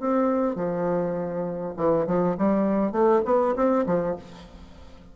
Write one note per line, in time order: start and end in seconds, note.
0.00 0.56 C4
0.56 1.74 F3
1.77 2.06 E3
2.07 2.36 F3
2.38 2.92 G3
2.92 3.22 A3
3.25 3.55 B3
3.56 3.86 C4
3.86 4.16 F3